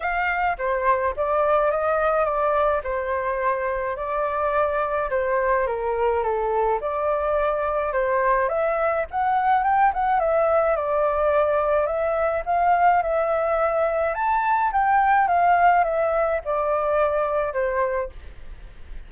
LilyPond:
\new Staff \with { instrumentName = "flute" } { \time 4/4 \tempo 4 = 106 f''4 c''4 d''4 dis''4 | d''4 c''2 d''4~ | d''4 c''4 ais'4 a'4 | d''2 c''4 e''4 |
fis''4 g''8 fis''8 e''4 d''4~ | d''4 e''4 f''4 e''4~ | e''4 a''4 g''4 f''4 | e''4 d''2 c''4 | }